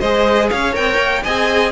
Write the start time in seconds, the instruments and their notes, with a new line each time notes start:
0.00 cello G#3, viola G#4, violin C5 D#5
0.50 cello C#4, violin C#5 F5
0.73 cello C4, viola A#4, violin G5
0.97 cello A#3
1.23 cello C4, viola G#4, violin D#5 G#5